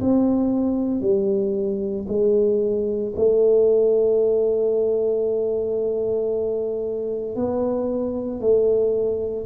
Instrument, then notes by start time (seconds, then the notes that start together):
tuba
0.00 C4
1.01 G3
2.08 G#3
3.16 A3
7.35 B3
8.41 A3